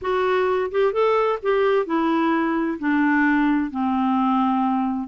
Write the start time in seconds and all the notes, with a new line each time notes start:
0.01 F#4
0.71 G4
0.92 A4
1.42 G4
1.86 E4
2.79 D4
3.70 C4